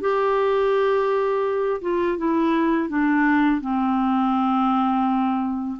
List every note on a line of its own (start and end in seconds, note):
0.00 1.81 G4
1.81 2.17 F4
2.18 2.88 E4
2.88 3.60 D4
3.60 5.77 C4